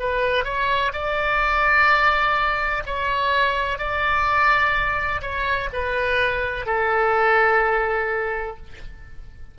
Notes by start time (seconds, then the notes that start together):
0.00 B4
0.45 C#5
0.93 D5
2.87 C#5
3.78 D5
5.22 C#5
5.73 B4
6.66 A4